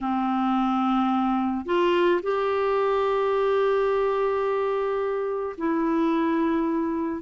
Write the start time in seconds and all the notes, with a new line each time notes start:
0.00 C4
1.65 F4
2.22 G4
5.57 E4